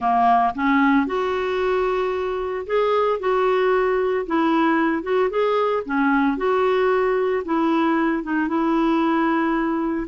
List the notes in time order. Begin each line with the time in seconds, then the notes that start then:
0.00 A#3
0.54 C#4
1.06 F#4
2.66 G#4
3.19 F#4
4.26 E4
5.02 F#4
5.30 G#4
5.85 C#4
6.37 F#4
7.44 E4
8.23 D#4
8.47 E4